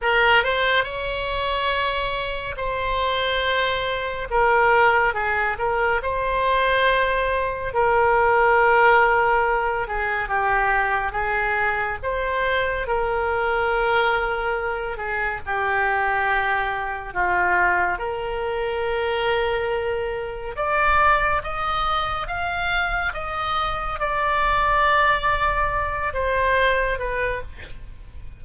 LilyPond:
\new Staff \with { instrumentName = "oboe" } { \time 4/4 \tempo 4 = 70 ais'8 c''8 cis''2 c''4~ | c''4 ais'4 gis'8 ais'8 c''4~ | c''4 ais'2~ ais'8 gis'8 | g'4 gis'4 c''4 ais'4~ |
ais'4. gis'8 g'2 | f'4 ais'2. | d''4 dis''4 f''4 dis''4 | d''2~ d''8 c''4 b'8 | }